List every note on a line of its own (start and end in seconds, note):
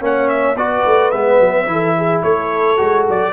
0.00 0.55 A#3
0.00 0.56 C#4
0.00 0.58 C#5
0.00 0.28 F#5
0.28 0.56 E5
0.55 0.83 B3
0.55 1.12 F#4
0.55 1.69 B4
0.55 1.11 D5
0.86 1.13 A3
1.11 1.40 G#3
1.11 1.66 B3
1.11 2.22 E5
1.40 1.66 F#3
1.66 2.22 E3
1.66 2.77 E4
1.66 1.97 A4
1.97 2.23 G#4
2.22 2.78 A3
2.22 3.33 A4
2.22 3.05 C#5
2.77 3.08 G#3
2.77 3.32 F#4
3.08 3.33 F#3
3.08 3.33 D5